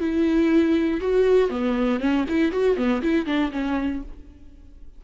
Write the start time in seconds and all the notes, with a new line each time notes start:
0.00 E4
1.01 F#4
1.50 B3
2.00 C#4
2.29 E4
2.52 F#4
2.77 B3
3.02 E4
3.26 D4
3.52 C#4